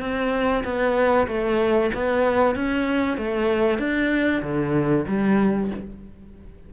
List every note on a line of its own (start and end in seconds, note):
0.00 0.63 C4
0.64 1.27 B3
1.27 1.90 A3
1.94 2.55 B3
2.55 3.17 C#4
3.17 3.78 A3
3.78 4.42 D4
4.42 5.05 D3
5.07 5.70 G3